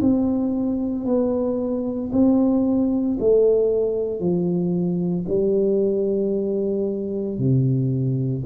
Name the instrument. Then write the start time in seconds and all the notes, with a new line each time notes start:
tuba
0.00 C4
1.05 B3
2.12 C4
3.19 A3
4.20 F3
5.28 G3
7.38 C3